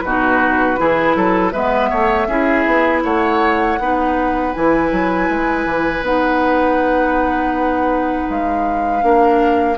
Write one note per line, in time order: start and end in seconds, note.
0.00 0.79 B2
0.00 0.77 D#4
0.00 0.80 F#4
0.00 1.50 B4
0.77 1.16 E3
0.77 1.52 E4
0.77 1.16 G#4
1.16 1.53 F#3
1.16 1.53 A4
1.51 1.91 G#3
1.51 2.28 B3
1.51 1.90 B4
1.51 3.01 E5
1.90 2.27 A3
1.90 2.27 C#5
2.27 2.65 C#4
2.27 3.79 E4
2.27 3.03 G#4
2.66 3.04 B3
3.03 3.79 A3
3.03 3.79 C#5
3.03 4.53 F#5
3.79 4.54 B3
3.79 4.54 D#4
3.79 9.05 B4
4.53 4.91 E3
4.53 6.03 E4
4.53 6.03 G#5
4.91 5.29 F#3
5.29 5.65 G#3
5.65 6.02 E3
6.02 8.27 B3
6.02 9.00 D#4
6.02 8.30 F#5
8.30 9.03 G#3
8.30 9.78 F5
9.00 9.78 A#3
9.00 9.75 D4
9.00 9.78 A#4